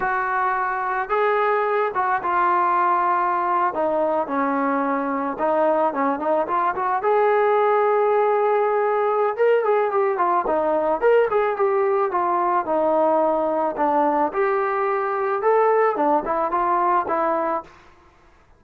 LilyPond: \new Staff \with { instrumentName = "trombone" } { \time 4/4 \tempo 4 = 109 fis'2 gis'4. fis'8 | f'2~ f'8. dis'4 cis'16~ | cis'4.~ cis'16 dis'4 cis'8 dis'8 f'16~ | f'16 fis'8 gis'2.~ gis'16~ |
gis'4 ais'8 gis'8 g'8 f'8 dis'4 | ais'8 gis'8 g'4 f'4 dis'4~ | dis'4 d'4 g'2 | a'4 d'8 e'8 f'4 e'4 | }